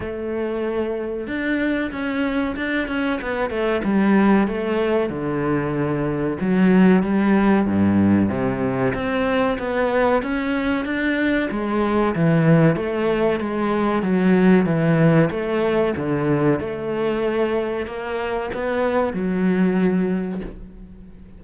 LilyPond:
\new Staff \with { instrumentName = "cello" } { \time 4/4 \tempo 4 = 94 a2 d'4 cis'4 | d'8 cis'8 b8 a8 g4 a4 | d2 fis4 g4 | g,4 c4 c'4 b4 |
cis'4 d'4 gis4 e4 | a4 gis4 fis4 e4 | a4 d4 a2 | ais4 b4 fis2 | }